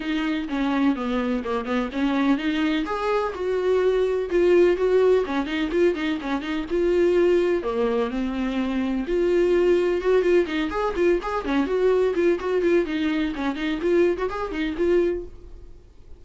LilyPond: \new Staff \with { instrumentName = "viola" } { \time 4/4 \tempo 4 = 126 dis'4 cis'4 b4 ais8 b8 | cis'4 dis'4 gis'4 fis'4~ | fis'4 f'4 fis'4 cis'8 dis'8 | f'8 dis'8 cis'8 dis'8 f'2 |
ais4 c'2 f'4~ | f'4 fis'8 f'8 dis'8 gis'8 f'8 gis'8 | cis'8 fis'4 f'8 fis'8 f'8 dis'4 | cis'8 dis'8 f'8. fis'16 gis'8 dis'8 f'4 | }